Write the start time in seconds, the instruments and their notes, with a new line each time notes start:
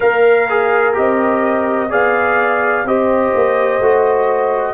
0.00 tuba A#3, trombone A#4, horn A#4, trumpet F5
0.49 trombone G#4
0.93 tuba C4, trombone G4, trumpet D#5
1.89 tuba B3, trombone G#4, horn D5, trumpet F5
2.84 tuba C4, trombone G4, horn C5, trumpet D#5
3.34 tuba A#3
3.79 tuba A3, trombone F#4